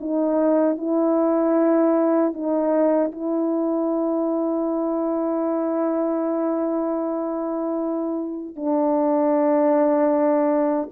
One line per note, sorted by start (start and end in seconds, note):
0.00 0.78 D#4
0.78 2.33 E4
2.33 3.11 D#4
3.12 8.56 E4
8.56 10.89 D4